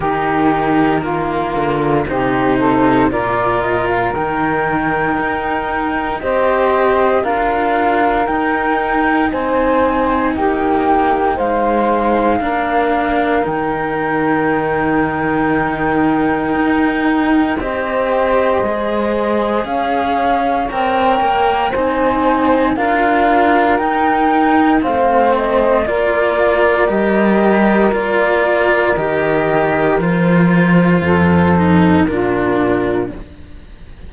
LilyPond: <<
  \new Staff \with { instrumentName = "flute" } { \time 4/4 \tempo 4 = 58 ais'2 c''4 d''8 dis''16 f''16 | g''2 dis''4 f''4 | g''4 gis''4 g''4 f''4~ | f''4 g''2.~ |
g''4 dis''2 f''4 | g''4 gis''4 f''4 g''4 | f''8 dis''8 d''4 dis''4 d''4 | dis''4 c''2 ais'4 | }
  \new Staff \with { instrumentName = "saxophone" } { \time 4/4 g'4 f'4 g'8 a'8 ais'4~ | ais'2 c''4 ais'4~ | ais'4 c''4 g'4 c''4 | ais'1~ |
ais'4 c''2 cis''4~ | cis''4 c''4 ais'2 | c''4 ais'2.~ | ais'2 a'4 f'4 | }
  \new Staff \with { instrumentName = "cello" } { \time 4/4 dis'4 ais4 dis'4 f'4 | dis'2 g'4 f'4 | dis'1 | d'4 dis'2.~ |
dis'4 g'4 gis'2 | ais'4 dis'4 f'4 dis'4 | c'4 f'4 g'4 f'4 | g'4 f'4. dis'8 d'4 | }
  \new Staff \with { instrumentName = "cello" } { \time 4/4 dis4. d8 c4 ais,4 | dis4 dis'4 c'4 d'4 | dis'4 c'4 ais4 gis4 | ais4 dis2. |
dis'4 c'4 gis4 cis'4 | c'8 ais8 c'4 d'4 dis'4 | a4 ais4 g4 ais4 | dis4 f4 f,4 ais,4 | }
>>